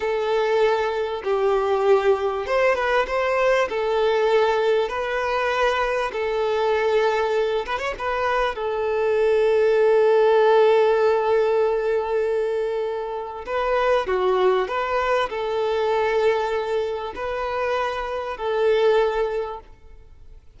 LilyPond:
\new Staff \with { instrumentName = "violin" } { \time 4/4 \tempo 4 = 98 a'2 g'2 | c''8 b'8 c''4 a'2 | b'2 a'2~ | a'8 b'16 cis''16 b'4 a'2~ |
a'1~ | a'2 b'4 fis'4 | b'4 a'2. | b'2 a'2 | }